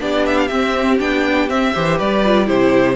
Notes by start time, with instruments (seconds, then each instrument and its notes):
0.00 cello B3, viola D4, violin G4 D5
0.27 violin E5
0.39 violin F5
0.48 viola C4, cello C4, violin E5
1.00 cello B3, viola D4, violin G5
1.49 viola C4, cello C4, violin E5
1.73 cello E3, viola G4, violin C5
1.98 cello G3, violin B4 D5
2.25 viola F4
2.46 cello C3, viola E4, violin G4 C5